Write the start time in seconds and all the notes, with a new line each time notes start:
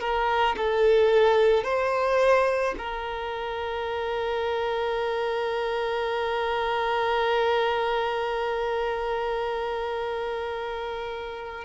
0.00 A#4
0.57 A4
1.64 C5
2.78 A#4